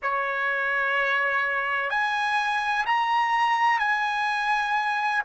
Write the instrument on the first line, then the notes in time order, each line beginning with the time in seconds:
trumpet
0.02 C#5
1.90 G#5
2.86 A#5
3.79 G#5